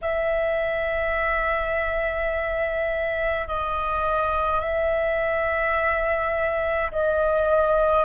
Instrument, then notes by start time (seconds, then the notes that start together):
flute
0.01 E5
3.47 D#5
4.60 E5
6.91 D#5